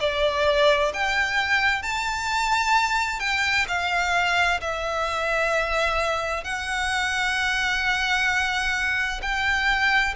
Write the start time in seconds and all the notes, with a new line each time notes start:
0.00 D5
0.93 G5
1.83 A5
3.19 G5
3.68 F5
4.60 E5
6.44 F#5
9.22 G5